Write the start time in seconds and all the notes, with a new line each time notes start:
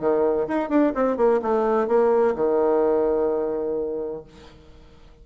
0.00 D#3
0.48 D#4
0.69 D4
0.95 C4
1.17 A#3
1.42 A3
1.88 A#3
2.35 D#3